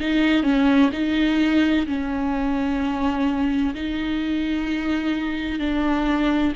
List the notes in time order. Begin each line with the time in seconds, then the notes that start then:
0.00 D#4
0.43 C#4
0.92 D#4
1.86 C#4
3.74 D#4
5.59 D4